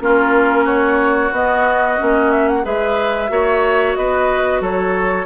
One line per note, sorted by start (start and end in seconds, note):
0.00 1.32 A#3
0.00 1.32 C#4
0.00 0.65 F4
0.00 0.67 A#4
0.65 2.63 F#4
0.65 1.33 C#5
1.32 1.98 B3
1.32 2.32 D#5
1.98 2.66 A#3
1.98 2.63 C#4
2.32 2.48 E5
2.48 2.65 F#5
2.63 3.30 G#3
2.63 3.29 G#4
2.63 3.31 B4
2.63 3.95 E5
3.29 3.96 A#3
3.29 5.26 F#4
3.29 3.98 C#5
3.95 4.61 B3
3.95 4.62 B4
3.95 4.61 D#5
4.61 5.26 F#3
4.61 5.26 A4
4.61 5.26 C#5